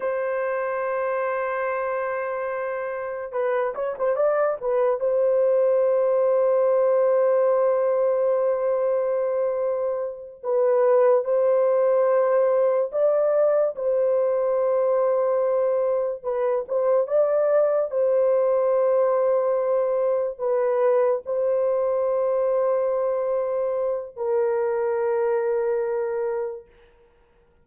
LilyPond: \new Staff \with { instrumentName = "horn" } { \time 4/4 \tempo 4 = 72 c''1 | b'8 cis''16 c''16 d''8 b'8 c''2~ | c''1~ | c''8 b'4 c''2 d''8~ |
d''8 c''2. b'8 | c''8 d''4 c''2~ c''8~ | c''8 b'4 c''2~ c''8~ | c''4 ais'2. | }